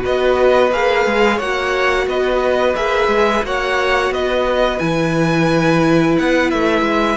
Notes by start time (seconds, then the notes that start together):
0.00 B3 F#4 B4 D#5
0.72 A#3 G#4 F5
1.06 G#3
1.36 A#3 F#4 C#5 F#5
2.07 B3 B4 D#5
2.75 A#3 G#4 E5
3.07 G#3
3.43 A#3 F#4 C#5 F#5
4.10 B3 B4 D#5
4.79 E3 E4 G#5
6.18 B3 F#5
6.50 A3 E5
6.82 G#3